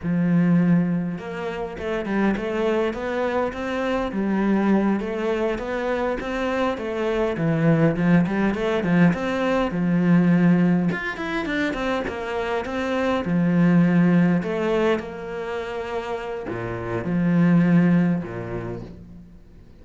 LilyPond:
\new Staff \with { instrumentName = "cello" } { \time 4/4 \tempo 4 = 102 f2 ais4 a8 g8 | a4 b4 c'4 g4~ | g8 a4 b4 c'4 a8~ | a8 e4 f8 g8 a8 f8 c'8~ |
c'8 f2 f'8 e'8 d'8 | c'8 ais4 c'4 f4.~ | f8 a4 ais2~ ais8 | ais,4 f2 ais,4 | }